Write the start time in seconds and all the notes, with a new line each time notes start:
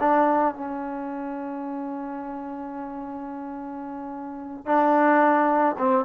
0.00 D4
0.55 C#4
4.66 D4
5.78 C4